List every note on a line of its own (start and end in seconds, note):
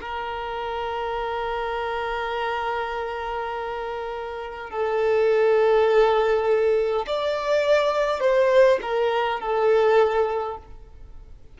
0.00 4.70 A#4
4.70 7.05 A4
7.06 8.20 D5
8.20 8.79 C5
8.81 9.40 A#4
9.40 10.58 A4